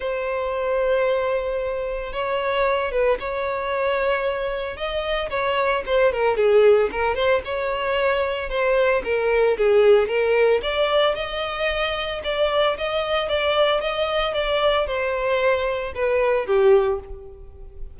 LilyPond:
\new Staff \with { instrumentName = "violin" } { \time 4/4 \tempo 4 = 113 c''1 | cis''4. b'8 cis''2~ | cis''4 dis''4 cis''4 c''8 ais'8 | gis'4 ais'8 c''8 cis''2 |
c''4 ais'4 gis'4 ais'4 | d''4 dis''2 d''4 | dis''4 d''4 dis''4 d''4 | c''2 b'4 g'4 | }